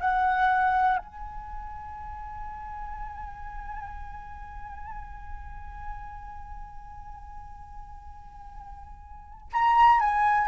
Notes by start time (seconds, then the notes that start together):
0.00 F#5
0.99 G#5
9.53 A#5
10.00 G#5